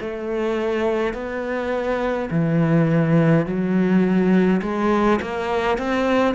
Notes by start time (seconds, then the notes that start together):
0.00 A3
1.13 B3
2.30 E3
3.46 F#3
4.62 G#3
5.21 A#3
5.77 C4